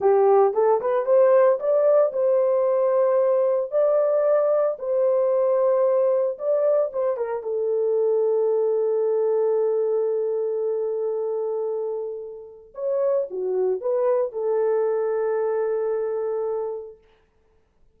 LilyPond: \new Staff \with { instrumentName = "horn" } { \time 4/4 \tempo 4 = 113 g'4 a'8 b'8 c''4 d''4 | c''2. d''4~ | d''4 c''2. | d''4 c''8 ais'8 a'2~ |
a'1~ | a'1 | cis''4 fis'4 b'4 a'4~ | a'1 | }